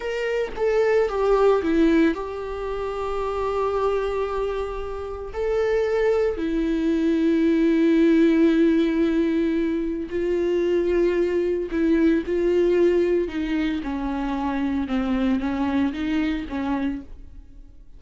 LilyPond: \new Staff \with { instrumentName = "viola" } { \time 4/4 \tempo 4 = 113 ais'4 a'4 g'4 e'4 | g'1~ | g'2 a'2 | e'1~ |
e'2. f'4~ | f'2 e'4 f'4~ | f'4 dis'4 cis'2 | c'4 cis'4 dis'4 cis'4 | }